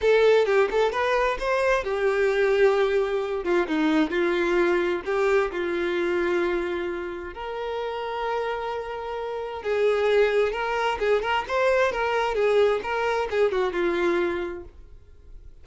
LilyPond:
\new Staff \with { instrumentName = "violin" } { \time 4/4 \tempo 4 = 131 a'4 g'8 a'8 b'4 c''4 | g'2.~ g'8 f'8 | dis'4 f'2 g'4 | f'1 |
ais'1~ | ais'4 gis'2 ais'4 | gis'8 ais'8 c''4 ais'4 gis'4 | ais'4 gis'8 fis'8 f'2 | }